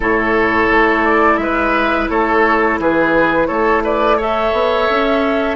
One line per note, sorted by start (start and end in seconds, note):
0.00 0.70 A2
0.00 4.19 E4
0.00 1.40 A4
0.00 1.05 C#5
0.70 1.37 A3
1.05 1.37 D5
1.37 2.07 G#3
1.37 2.10 B4
1.37 2.07 E5
2.09 2.78 A3
2.09 2.79 A4
2.09 2.79 C#5
2.78 3.48 E3
2.78 3.47 G#4
2.78 3.47 B4
3.47 4.52 A3
3.47 3.82 A4
3.47 3.81 C#5
3.84 4.17 B4
3.84 4.20 D5
4.17 5.55 A4
4.17 5.55 C#5
4.17 5.55 E5
4.52 4.87 B3
4.89 5.55 C#4